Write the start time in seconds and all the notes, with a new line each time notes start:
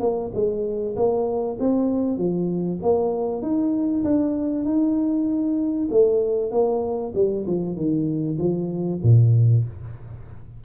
0.00 A#3
0.34 G#3
0.96 A#3
1.59 C4
2.17 F3
2.82 A#3
3.42 D#4
4.04 D4
4.65 D#4
5.90 A3
6.51 A#3
7.14 G3
7.46 F3
7.76 D#3
8.38 F3
9.03 A#2